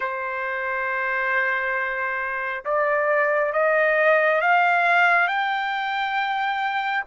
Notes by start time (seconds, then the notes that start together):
0.00 C5
2.64 D5
3.53 D#5
4.41 F5
5.27 G5